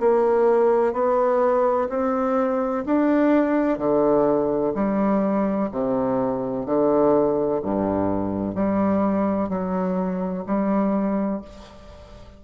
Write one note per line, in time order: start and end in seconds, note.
0.00 0.93 A#3
0.93 1.88 B3
1.89 2.84 C4
2.86 3.78 D4
3.78 4.74 D3
4.74 5.70 G3
5.72 6.66 C3
6.66 7.61 D3
7.62 8.55 G2
8.55 9.49 G3
9.49 10.44 F#3
10.46 11.42 G3